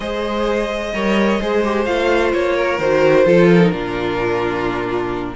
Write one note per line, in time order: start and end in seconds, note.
0.00 0.93 G#3
0.00 0.93 G#4
0.00 0.93 C5
0.00 1.84 D#5
0.93 1.40 G3
0.93 1.40 A#4
0.93 1.40 C#5
1.40 1.87 G#3
1.40 1.63 G#4
1.40 2.56 C5
1.64 1.86 G4
1.84 2.33 A3
1.84 2.79 F4
1.84 2.31 F5
2.33 2.78 A#3
2.33 2.79 C#5
2.56 3.25 A#4
2.78 3.25 D#3
2.78 3.25 F#4
2.78 3.49 C5
3.25 3.72 F3
3.25 3.60 F4
3.25 3.71 A4
3.49 5.35 A#4
3.60 3.71 D#4
3.71 5.34 A#2
3.71 5.34 D4
3.71 5.34 F4